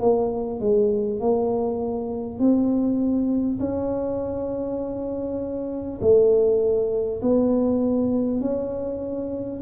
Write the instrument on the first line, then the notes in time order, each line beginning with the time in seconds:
tuba
0.00 A#3
0.60 G#3
1.19 A#3
2.39 C4
3.59 C#4
6.01 A3
7.21 B3
8.41 C#4